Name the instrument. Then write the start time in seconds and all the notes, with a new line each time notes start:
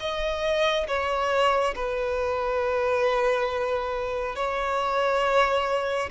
violin
0.00 D#5
0.88 C#5
1.75 B4
4.36 C#5